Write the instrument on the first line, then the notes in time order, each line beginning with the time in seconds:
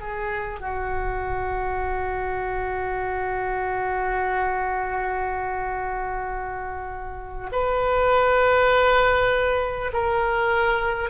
oboe
0.00 G#4
0.60 F#4
7.52 B4
9.93 A#4